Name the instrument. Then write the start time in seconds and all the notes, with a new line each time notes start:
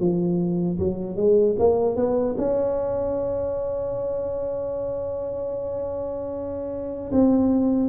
tuba
0.00 F3
0.79 F#3
1.17 G#3
1.59 A#3
1.97 B3
2.38 C#4
7.12 C4